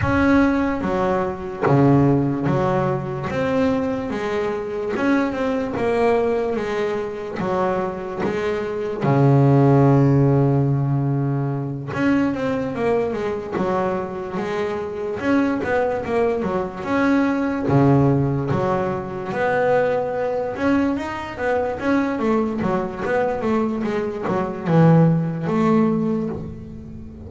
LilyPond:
\new Staff \with { instrumentName = "double bass" } { \time 4/4 \tempo 4 = 73 cis'4 fis4 cis4 fis4 | c'4 gis4 cis'8 c'8 ais4 | gis4 fis4 gis4 cis4~ | cis2~ cis8 cis'8 c'8 ais8 |
gis8 fis4 gis4 cis'8 b8 ais8 | fis8 cis'4 cis4 fis4 b8~ | b4 cis'8 dis'8 b8 cis'8 a8 fis8 | b8 a8 gis8 fis8 e4 a4 | }